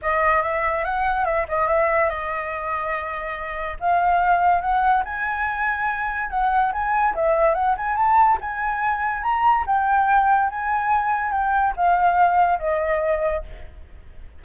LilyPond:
\new Staff \with { instrumentName = "flute" } { \time 4/4 \tempo 4 = 143 dis''4 e''4 fis''4 e''8 dis''8 | e''4 dis''2.~ | dis''4 f''2 fis''4 | gis''2. fis''4 |
gis''4 e''4 fis''8 gis''8 a''4 | gis''2 ais''4 g''4~ | g''4 gis''2 g''4 | f''2 dis''2 | }